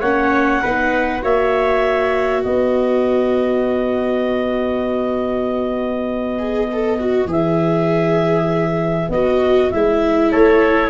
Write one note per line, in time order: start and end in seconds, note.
0.00 0.62 A#3
0.00 0.64 C#4
0.00 0.61 C#5
0.00 1.22 F#5
0.62 1.23 B3
0.62 1.22 D#4
0.62 1.22 B4
1.22 2.45 A#3
1.22 6.37 F#4
1.22 2.44 C#5
1.22 2.43 E5
2.43 7.26 B3
2.43 10.31 B4
2.43 7.28 D#5
6.39 6.69 G#4
6.72 6.99 A4
6.99 7.28 F#4
7.26 9.08 E3
7.26 9.10 G#4
7.26 9.11 E5
9.09 9.70 B3
9.09 9.73 F#4
9.09 9.71 D#5
9.71 10.33 G#3
9.71 10.90 E4
9.71 10.32 E5
10.31 10.90 A3
10.31 10.90 A4
10.31 10.90 C#5